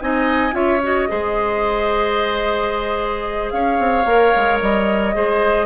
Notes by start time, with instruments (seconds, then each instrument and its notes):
0.00 bassoon C4, clarinet D#4, oboe D#5, flute G#5
0.52 bassoon C#4, clarinet F4, oboe C#5, flute E5
0.83 clarinet F#4, flute D#5
1.08 bassoon G#3, clarinet G#4, oboe C5
3.50 bassoon C#4, oboe C#5, flute F5
3.79 bassoon C4
4.05 bassoon A#3, clarinet A#4
4.35 bassoon G#3
4.60 bassoon G3, flute D#5
5.14 bassoon G#3, clarinet G#4, oboe C5